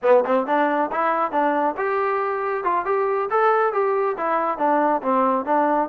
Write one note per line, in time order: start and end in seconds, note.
0.02 0.24 B3
0.25 0.46 C4
0.46 0.90 D4
0.91 1.31 E4
1.31 1.75 D4
1.77 2.64 G4
2.64 2.85 F4
2.85 3.29 G4
3.30 3.72 A4
3.72 4.16 G4
4.17 4.58 E4
4.58 5.01 D4
5.01 5.45 C4
5.45 5.89 D4